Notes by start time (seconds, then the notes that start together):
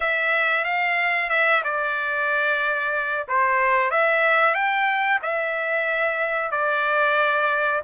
0.00 E5
0.64 F5
1.29 E5
1.64 D5
3.28 C5
3.90 E5
4.54 G5
5.22 E5
6.51 D5